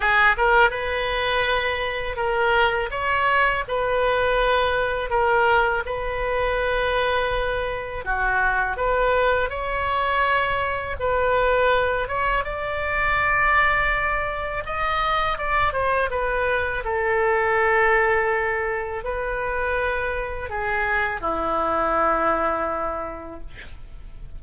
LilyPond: \new Staff \with { instrumentName = "oboe" } { \time 4/4 \tempo 4 = 82 gis'8 ais'8 b'2 ais'4 | cis''4 b'2 ais'4 | b'2. fis'4 | b'4 cis''2 b'4~ |
b'8 cis''8 d''2. | dis''4 d''8 c''8 b'4 a'4~ | a'2 b'2 | gis'4 e'2. | }